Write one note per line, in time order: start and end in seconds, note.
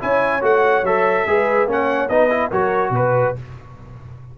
0.00 0.42 C#4
0.00 0.42 E4
0.00 1.27 C#5
0.00 0.44 G#5
0.42 0.83 A3
0.42 0.84 F#4
0.42 0.85 F#5
0.83 1.25 F#3
0.83 1.27 A4
0.83 1.69 E5
1.27 1.66 G#3
1.27 1.68 G#4
1.27 1.70 B4
1.66 2.08 A#3
1.66 2.10 C#4
1.66 2.10 C#5
1.72 2.09 F#5
2.09 2.52 B3
2.09 2.30 D#4
2.09 2.50 B4
2.09 2.51 D#5
2.30 2.51 E4
2.50 2.90 F#3
2.50 3.36 F#4
2.50 2.92 A#4
2.50 2.94 C#5
2.90 3.32 B2
2.90 3.37 B4
2.90 3.38 B4